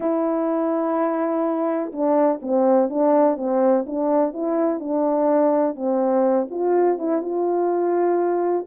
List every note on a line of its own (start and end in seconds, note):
0.00 1.92 E4
1.92 2.40 D4
2.42 2.89 C4
2.89 3.37 D4
3.37 3.85 C4
3.86 4.33 D4
4.33 4.79 E4
4.79 5.75 D4
5.75 6.47 C4
6.50 6.98 F4
6.98 7.21 E4
7.21 8.65 F4